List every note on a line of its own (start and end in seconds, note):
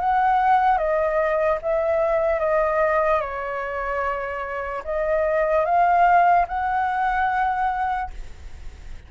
0.00 0.77 F#5
0.77 1.58 D#5
1.62 2.40 E5
2.40 3.21 D#5
3.21 4.83 C#5
4.85 5.65 D#5
5.65 6.46 F5
6.48 8.10 F#5